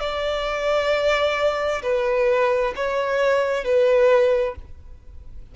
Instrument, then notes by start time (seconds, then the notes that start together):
violin
0.00 D5
1.83 B4
2.76 C#5
3.64 B4